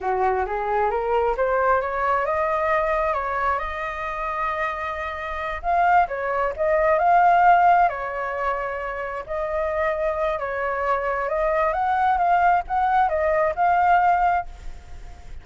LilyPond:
\new Staff \with { instrumentName = "flute" } { \time 4/4 \tempo 4 = 133 fis'4 gis'4 ais'4 c''4 | cis''4 dis''2 cis''4 | dis''1~ | dis''8 f''4 cis''4 dis''4 f''8~ |
f''4. cis''2~ cis''8~ | cis''8 dis''2~ dis''8 cis''4~ | cis''4 dis''4 fis''4 f''4 | fis''4 dis''4 f''2 | }